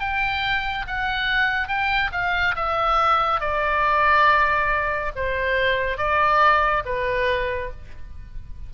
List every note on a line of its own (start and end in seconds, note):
0.00 0.86 G5
0.88 1.68 F#5
1.68 2.11 G5
2.12 2.55 F5
2.56 3.41 E5
3.41 5.12 D5
5.16 5.98 C5
5.98 6.84 D5
6.85 7.71 B4